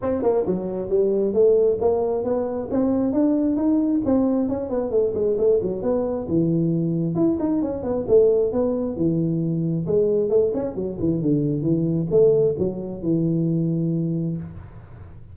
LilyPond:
\new Staff \with { instrumentName = "tuba" } { \time 4/4 \tempo 4 = 134 c'8 ais8 fis4 g4 a4 | ais4 b4 c'4 d'4 | dis'4 c'4 cis'8 b8 a8 gis8 | a8 fis8 b4 e2 |
e'8 dis'8 cis'8 b8 a4 b4 | e2 gis4 a8 cis'8 | fis8 e8 d4 e4 a4 | fis4 e2. | }